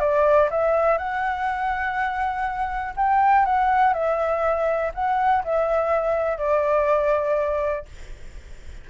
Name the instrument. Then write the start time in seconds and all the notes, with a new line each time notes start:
flute
0.00 D5
0.51 E5
0.98 F#5
2.96 G5
3.45 F#5
3.94 E5
4.94 F#5
5.44 E5
6.38 D5